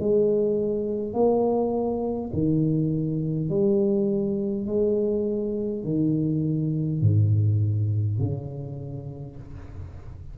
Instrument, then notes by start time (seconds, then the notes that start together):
tuba
0.00 G#3
1.13 A#3
2.33 D#3
3.50 G3
4.67 G#3
5.84 D#3
7.02 G#2
8.19 C#3